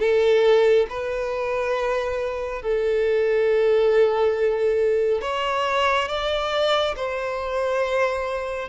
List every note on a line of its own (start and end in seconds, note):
0.00 0.87 A4
0.90 2.62 B4
2.62 5.22 A4
5.22 6.08 C#5
6.08 6.95 D5
6.96 8.69 C5